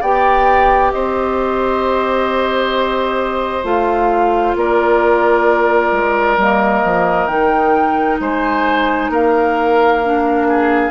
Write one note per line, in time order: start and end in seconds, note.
0.00 0.93 B3
0.00 3.63 G4
0.00 0.91 D5
0.00 0.91 G5
0.91 3.64 C4
0.91 4.57 C5
0.91 3.64 D#5
3.63 4.55 A3
3.63 6.36 F4
3.63 4.56 F5
4.55 5.91 A#3
4.55 8.20 A#4
4.55 6.39 D5
5.91 6.37 G#3
6.37 6.82 G3
6.37 7.29 A#3
6.37 7.27 D#5
6.84 7.27 F3
7.27 8.18 D#3
7.27 10.01 D#4
7.27 8.18 G5
8.20 9.09 G#3
8.20 9.11 C5
8.20 9.12 G#5
9.09 10.91 A#3
9.09 10.47 A#4
9.09 10.91 F5
10.05 10.91 D4
10.48 10.91 G#4